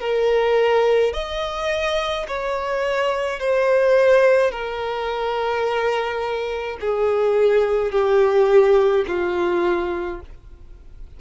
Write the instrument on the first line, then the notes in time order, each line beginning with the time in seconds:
violin
0.00 A#4
1.13 D#5
2.27 C#5
3.40 C5
4.51 A#4
6.80 G#4
7.91 G4
9.07 F4